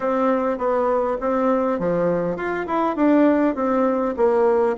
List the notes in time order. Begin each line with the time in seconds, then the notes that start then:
0.00 C4
0.58 B3
1.20 C4
1.79 F3
2.36 F4
2.66 E4
2.95 D4
3.55 C4
4.16 A#3